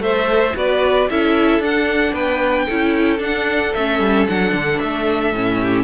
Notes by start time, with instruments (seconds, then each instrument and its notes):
0.00 cello A3, viola A4, violin C5 E5
0.56 cello B3, viola F#4, violin B4 D5
1.10 cello C#4, viola E4, violin A4 E5
1.60 cello D4, viola D4, violin F#5
2.14 cello B3, violin B4 G5
2.66 cello C#4, viola E4, violin A4
3.18 viola D4, cello D4, violin F#5
3.74 cello A3, viola C#4, violin E5
4.00 cello G3
4.28 cello F#3, viola D4, violin F#5
4.53 cello D3
4.80 cello A3, violin E5
5.33 cello A2, viola C#4
5.61 violin G4